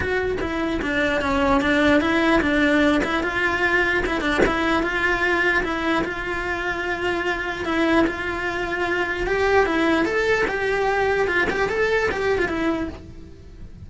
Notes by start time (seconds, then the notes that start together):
0.00 F#4
0.40 E4
0.81 D4
1.21 C#4
1.61 D4
2.00 E4
2.41 D4
3.04 E4
3.23 F4
4.06 E4
4.20 D4
4.46 E4
4.82 F4
5.63 E4
6.04 F4
7.65 E4
8.06 F4
9.26 G4
9.66 E4
10.05 A4
10.48 G4
11.27 F4
11.50 G4
11.69 A4
12.11 G4
12.38 F4
12.48 E4